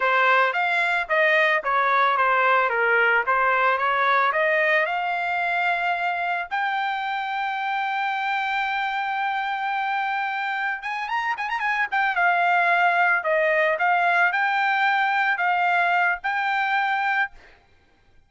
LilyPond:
\new Staff \with { instrumentName = "trumpet" } { \time 4/4 \tempo 4 = 111 c''4 f''4 dis''4 cis''4 | c''4 ais'4 c''4 cis''4 | dis''4 f''2. | g''1~ |
g''1 | gis''8 ais''8 gis''16 ais''16 gis''8 g''8 f''4.~ | f''8 dis''4 f''4 g''4.~ | g''8 f''4. g''2 | }